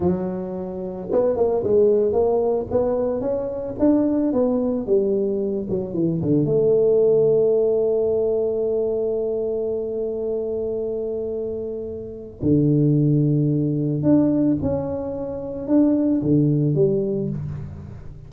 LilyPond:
\new Staff \with { instrumentName = "tuba" } { \time 4/4 \tempo 4 = 111 fis2 b8 ais8 gis4 | ais4 b4 cis'4 d'4 | b4 g4. fis8 e8 d8 | a1~ |
a1~ | a2. d4~ | d2 d'4 cis'4~ | cis'4 d'4 d4 g4 | }